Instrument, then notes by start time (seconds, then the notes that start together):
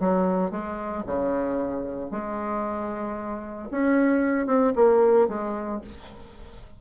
bassoon
0.00 F#3
0.51 G#3
1.07 C#3
2.11 G#3
3.71 C#4
4.47 C4
4.76 A#3
5.28 G#3